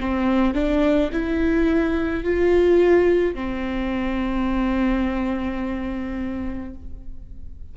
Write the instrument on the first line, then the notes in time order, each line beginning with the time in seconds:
viola
0.00 C4
0.54 D4
1.12 E4
2.24 F4
3.35 C4